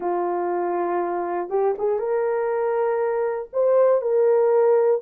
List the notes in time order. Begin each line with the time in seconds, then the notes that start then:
0.00 F4
1.49 G4
1.78 G#4
1.98 A#4
3.52 C5
4.01 A#4